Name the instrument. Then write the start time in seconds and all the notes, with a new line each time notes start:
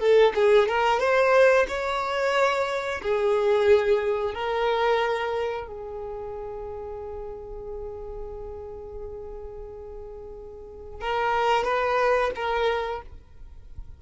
violin
0.00 A4
0.35 G#4
0.68 A#4
1.00 C5
1.68 C#5
3.03 G#4
4.35 A#4
5.68 G#4
11.01 A#4
11.64 B4
12.35 A#4